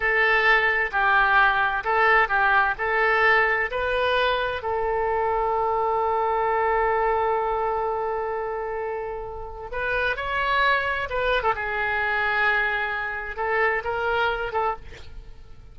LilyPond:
\new Staff \with { instrumentName = "oboe" } { \time 4/4 \tempo 4 = 130 a'2 g'2 | a'4 g'4 a'2 | b'2 a'2~ | a'1~ |
a'1~ | a'4 b'4 cis''2 | b'8. a'16 gis'2.~ | gis'4 a'4 ais'4. a'8 | }